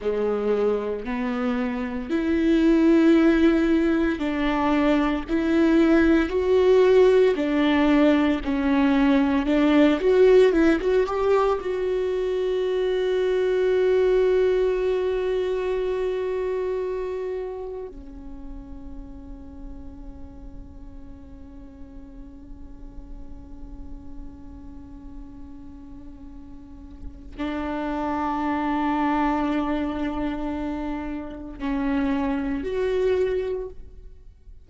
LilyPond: \new Staff \with { instrumentName = "viola" } { \time 4/4 \tempo 4 = 57 gis4 b4 e'2 | d'4 e'4 fis'4 d'4 | cis'4 d'8 fis'8 e'16 fis'16 g'8 fis'4~ | fis'1~ |
fis'4 cis'2.~ | cis'1~ | cis'2 d'2~ | d'2 cis'4 fis'4 | }